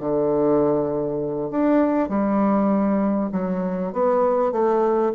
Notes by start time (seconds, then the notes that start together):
0.00 D3
1.51 D4
2.09 G3
3.32 F#3
3.93 B3
4.52 A3